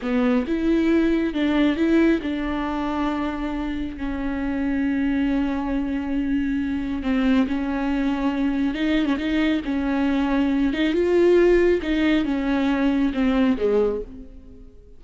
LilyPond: \new Staff \with { instrumentName = "viola" } { \time 4/4 \tempo 4 = 137 b4 e'2 d'4 | e'4 d'2.~ | d'4 cis'2.~ | cis'1 |
c'4 cis'2. | dis'8. cis'16 dis'4 cis'2~ | cis'8 dis'8 f'2 dis'4 | cis'2 c'4 gis4 | }